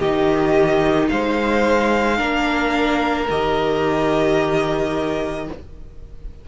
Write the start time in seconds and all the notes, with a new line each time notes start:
0.00 D#3 D#4 G4 D#5
1.09 G#3 C5 F5
2.17 A#3 D4 A#4
3.30 D#3 G4 D#5